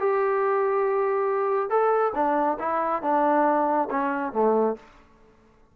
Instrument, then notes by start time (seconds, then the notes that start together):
trombone
0.00 G4
1.70 A4
2.15 D4
2.60 E4
3.03 D4
3.91 C#4
4.33 A3